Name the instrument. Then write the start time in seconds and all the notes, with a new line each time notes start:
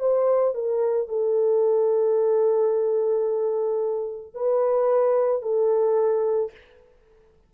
horn
0.00 C5
0.55 A#4
1.09 A4
4.34 B4
5.42 A4